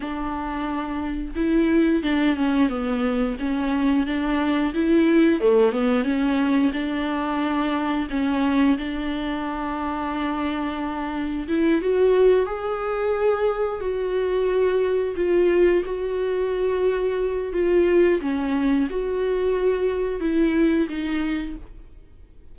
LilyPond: \new Staff \with { instrumentName = "viola" } { \time 4/4 \tempo 4 = 89 d'2 e'4 d'8 cis'8 | b4 cis'4 d'4 e'4 | a8 b8 cis'4 d'2 | cis'4 d'2.~ |
d'4 e'8 fis'4 gis'4.~ | gis'8 fis'2 f'4 fis'8~ | fis'2 f'4 cis'4 | fis'2 e'4 dis'4 | }